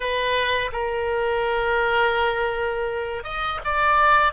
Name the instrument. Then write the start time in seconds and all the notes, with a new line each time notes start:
oboe
0.00 B4
0.72 A#4
3.23 D#5
3.64 D5